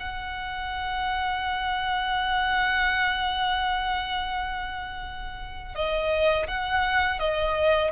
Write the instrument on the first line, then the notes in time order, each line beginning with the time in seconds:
violin
0.00 F#5
5.75 D#5
6.48 F#5
7.20 D#5